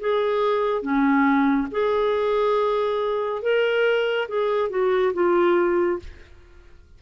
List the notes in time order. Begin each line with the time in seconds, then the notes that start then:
0.00 G#4
0.82 C#4
1.71 G#4
3.42 A#4
4.29 G#4
4.70 F#4
5.14 F4